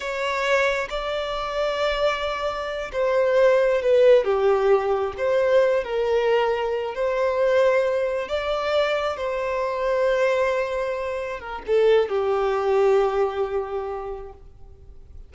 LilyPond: \new Staff \with { instrumentName = "violin" } { \time 4/4 \tempo 4 = 134 cis''2 d''2~ | d''2~ d''8 c''4.~ | c''8 b'4 g'2 c''8~ | c''4 ais'2~ ais'8 c''8~ |
c''2~ c''8 d''4.~ | d''8 c''2.~ c''8~ | c''4. ais'8 a'4 g'4~ | g'1 | }